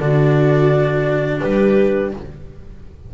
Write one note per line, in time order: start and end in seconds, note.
0.00 1.41 D3
0.00 2.12 D4
0.00 1.41 F#4
0.00 1.40 D5
1.40 2.14 G3
1.40 2.11 G4
1.40 2.11 B4